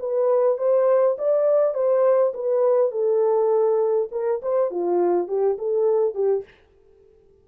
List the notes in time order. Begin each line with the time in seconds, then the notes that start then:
0.00 B4
0.58 C5
1.19 D5
1.75 C5
2.34 B4
2.92 A4
4.12 A#4
4.43 C5
4.71 F4
5.29 G4
5.59 A4
6.15 G4